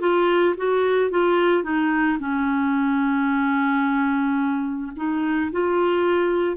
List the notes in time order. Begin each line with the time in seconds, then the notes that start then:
0.00 F4
0.57 F#4
1.11 F4
1.63 D#4
2.19 C#4
4.96 D#4
5.52 F4